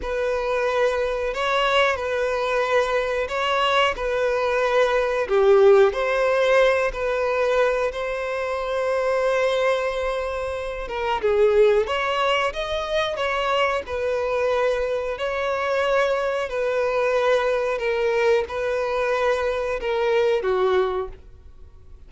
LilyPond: \new Staff \with { instrumentName = "violin" } { \time 4/4 \tempo 4 = 91 b'2 cis''4 b'4~ | b'4 cis''4 b'2 | g'4 c''4. b'4. | c''1~ |
c''8 ais'8 gis'4 cis''4 dis''4 | cis''4 b'2 cis''4~ | cis''4 b'2 ais'4 | b'2 ais'4 fis'4 | }